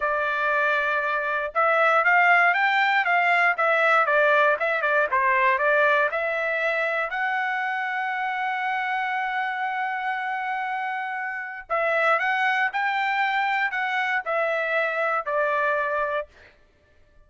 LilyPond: \new Staff \with { instrumentName = "trumpet" } { \time 4/4 \tempo 4 = 118 d''2. e''4 | f''4 g''4 f''4 e''4 | d''4 e''8 d''8 c''4 d''4 | e''2 fis''2~ |
fis''1~ | fis''2. e''4 | fis''4 g''2 fis''4 | e''2 d''2 | }